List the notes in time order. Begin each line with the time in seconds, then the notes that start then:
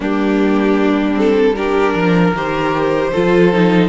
0.00 G3 A#3 D4 G4
1.14 C4 A4
1.55 D4 G4 A#4
1.93 F3 A#4
2.34 D#3 G4 C5
3.12 F3 F4 A4
3.52 D#4